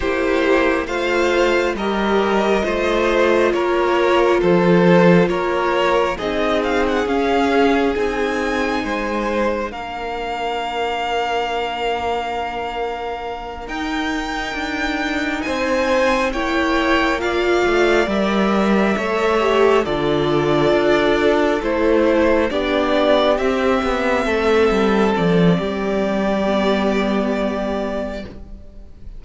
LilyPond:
<<
  \new Staff \with { instrumentName = "violin" } { \time 4/4 \tempo 4 = 68 c''4 f''4 dis''2 | cis''4 c''4 cis''4 dis''8 f''16 fis''16 | f''4 gis''2 f''4~ | f''2.~ f''8 g''8~ |
g''4. gis''4 g''4 f''8~ | f''8 e''2 d''4.~ | d''8 c''4 d''4 e''4.~ | e''8 d''2.~ d''8 | }
  \new Staff \with { instrumentName = "violin" } { \time 4/4 g'4 c''4 ais'4 c''4 | ais'4 a'4 ais'4 gis'4~ | gis'2 c''4 ais'4~ | ais'1~ |
ais'4. c''4 cis''4 d''8~ | d''4. cis''4 a'4.~ | a'4. g'2 a'8~ | a'4 g'2. | }
  \new Staff \with { instrumentName = "viola" } { \time 4/4 e'4 f'4 g'4 f'4~ | f'2. dis'4 | cis'4 dis'2 d'4~ | d'2.~ d'8 dis'8~ |
dis'2~ dis'8 e'4 f'8~ | f'8 ais'4 a'8 g'8 f'4.~ | f'8 e'4 d'4 c'4.~ | c'2 b2 | }
  \new Staff \with { instrumentName = "cello" } { \time 4/4 ais4 a4 g4 a4 | ais4 f4 ais4 c'4 | cis'4 c'4 gis4 ais4~ | ais2.~ ais8 dis'8~ |
dis'8 d'4 c'4 ais4. | a8 g4 a4 d4 d'8~ | d'8 a4 b4 c'8 b8 a8 | g8 f8 g2. | }
>>